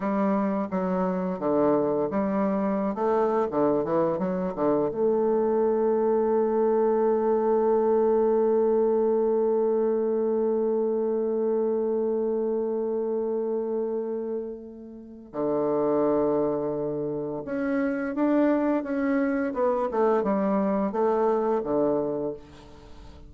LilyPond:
\new Staff \with { instrumentName = "bassoon" } { \time 4/4 \tempo 4 = 86 g4 fis4 d4 g4~ | g16 a8. d8 e8 fis8 d8 a4~ | a1~ | a1~ |
a1~ | a2 d2~ | d4 cis'4 d'4 cis'4 | b8 a8 g4 a4 d4 | }